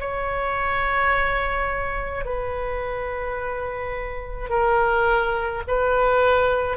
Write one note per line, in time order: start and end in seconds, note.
0.00 2.25 C#5
2.25 4.50 B4
4.50 5.63 A#4
5.68 6.78 B4